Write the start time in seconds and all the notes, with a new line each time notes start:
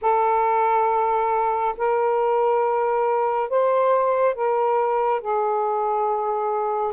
0.01 A4
1.77 A#4
3.49 C5
4.34 A#4
5.20 G#4